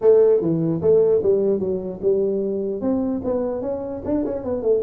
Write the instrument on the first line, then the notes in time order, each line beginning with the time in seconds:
tuba
0.01 A3
0.40 E3
0.81 A3
1.22 G3
1.59 F#3
2.02 G3
2.81 C4
3.24 B3
3.61 C#4
4.05 D4
4.25 C#4
4.43 B3
4.62 A3